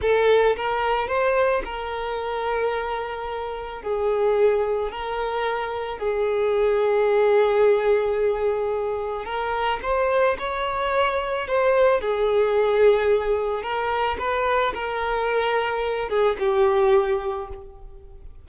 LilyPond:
\new Staff \with { instrumentName = "violin" } { \time 4/4 \tempo 4 = 110 a'4 ais'4 c''4 ais'4~ | ais'2. gis'4~ | gis'4 ais'2 gis'4~ | gis'1~ |
gis'4 ais'4 c''4 cis''4~ | cis''4 c''4 gis'2~ | gis'4 ais'4 b'4 ais'4~ | ais'4. gis'8 g'2 | }